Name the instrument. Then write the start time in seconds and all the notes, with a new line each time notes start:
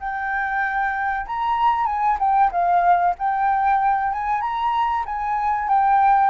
flute
0.00 G5
1.27 A#5
1.86 G#5
2.19 G5
2.52 F5
3.19 G5
4.13 G#5
4.42 A#5
5.06 G#5
5.68 G5